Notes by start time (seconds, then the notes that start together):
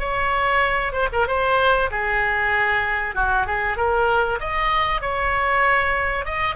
0.00 C#5
0.93 C5
1.13 A#4
1.28 C5
1.91 G#4
3.16 F#4
3.47 G#4
3.77 A#4
4.41 D#5
5.02 C#5
6.26 D#5